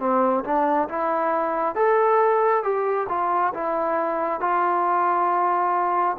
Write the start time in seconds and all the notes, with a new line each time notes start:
0.00 C4
0.45 D4
0.89 E4
1.76 A4
2.64 G4
3.09 F4
3.54 E4
4.41 F4